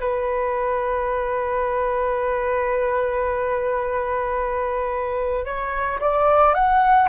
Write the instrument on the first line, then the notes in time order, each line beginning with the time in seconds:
flute
0.00 B4
5.45 C#5
6.00 D5
6.54 F#5